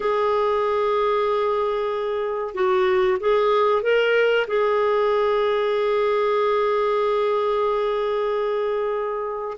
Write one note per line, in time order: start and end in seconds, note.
0.00 2.54 G#4
2.54 3.18 F#4
3.20 3.82 G#4
3.82 4.46 A#4
4.47 9.57 G#4